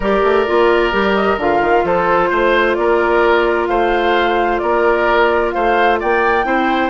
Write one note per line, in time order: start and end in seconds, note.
0.00 0.21 G3
0.00 0.47 G4
0.00 1.85 A#4
0.00 1.15 D5
0.23 0.46 A3
0.47 0.92 A#3
0.47 0.91 F4
0.91 1.37 G3
0.91 1.38 G4
1.15 1.38 D#5
1.37 1.60 D3
1.37 6.45 F4
1.37 1.86 F5
1.60 1.83 D#3
1.83 2.29 F3
1.83 2.29 A4
1.83 2.74 C5
2.29 2.77 A3
2.29 2.75 C5
2.74 3.68 A#3
2.74 3.69 A#4
2.74 3.66 D5
3.66 4.60 A3
3.66 4.61 C5
3.66 4.58 F5
4.58 5.54 A#3
4.58 5.54 A#4
4.58 5.50 D5
5.51 6.02 A3
5.51 5.99 C5
5.51 5.97 F5
5.99 6.44 A#3
5.99 6.45 D5
5.99 6.90 G5
6.44 6.90 C4
6.44 6.90 E4
6.44 6.90 C5